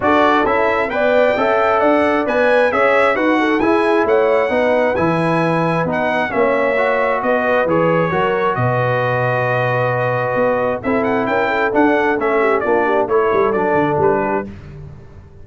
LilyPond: <<
  \new Staff \with { instrumentName = "trumpet" } { \time 4/4 \tempo 4 = 133 d''4 e''4 g''2 | fis''4 gis''4 e''4 fis''4 | gis''4 fis''2 gis''4~ | gis''4 fis''4 e''2 |
dis''4 cis''2 dis''4~ | dis''1 | e''8 fis''8 g''4 fis''4 e''4 | d''4 cis''4 d''4 b'4 | }
  \new Staff \with { instrumentName = "horn" } { \time 4/4 a'2 d''4 e''4 | d''2 cis''4 b'8 a'8 | gis'4 cis''4 b'2~ | b'2 cis''2 |
b'2 ais'4 b'4~ | b'1 | a'4 ais'8 a'2 g'8 | f'8 g'8 a'2~ a'8 g'8 | }
  \new Staff \with { instrumentName = "trombone" } { \time 4/4 fis'4 e'4 b'4 a'4~ | a'4 b'4 gis'4 fis'4 | e'2 dis'4 e'4~ | e'4 dis'4 cis'4 fis'4~ |
fis'4 gis'4 fis'2~ | fis'1 | e'2 d'4 cis'4 | d'4 e'4 d'2 | }
  \new Staff \with { instrumentName = "tuba" } { \time 4/4 d'4 cis'4 b4 cis'4 | d'4 b4 cis'4 dis'4 | e'4 a4 b4 e4~ | e4 b4 ais2 |
b4 e4 fis4 b,4~ | b,2. b4 | c'4 cis'4 d'4 a4 | ais4 a8 g8 fis8 d8 g4 | }
>>